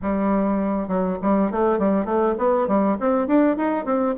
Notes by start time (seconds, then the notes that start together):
0.02 G3
0.87 F#3
1.22 G3
1.51 A3
1.78 G3
2.05 A3
2.38 B3
2.67 G3
3.00 C4
3.27 D4
3.56 D#4
3.85 C4